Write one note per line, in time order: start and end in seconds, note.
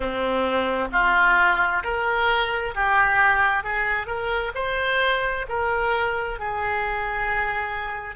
0.00 0.88 C4
0.92 1.83 F4
1.83 2.74 A#4
2.74 3.63 G4
3.63 4.06 G#4
4.06 4.52 A#4
4.55 5.45 C5
5.48 6.39 A#4
6.39 8.15 G#4